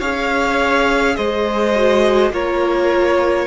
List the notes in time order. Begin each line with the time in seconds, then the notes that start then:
0.00 C#4 G#4 C#5 F5
1.16 G#3 C5 D#5
1.75 F#4
2.31 A#3 F4 A#4 C#5